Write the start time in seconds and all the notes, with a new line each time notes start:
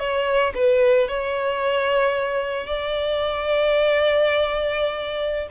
0.00 C#5
0.55 B4
1.09 C#5
2.67 D5